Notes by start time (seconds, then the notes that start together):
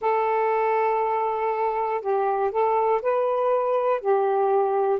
0.00 A4
2.01 G4
2.51 A4
3.01 B4
4.00 G4